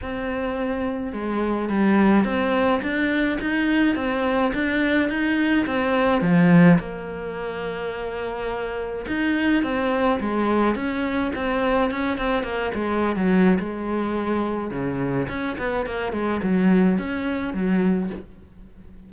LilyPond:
\new Staff \with { instrumentName = "cello" } { \time 4/4 \tempo 4 = 106 c'2 gis4 g4 | c'4 d'4 dis'4 c'4 | d'4 dis'4 c'4 f4 | ais1 |
dis'4 c'4 gis4 cis'4 | c'4 cis'8 c'8 ais8 gis8. fis8. | gis2 cis4 cis'8 b8 | ais8 gis8 fis4 cis'4 fis4 | }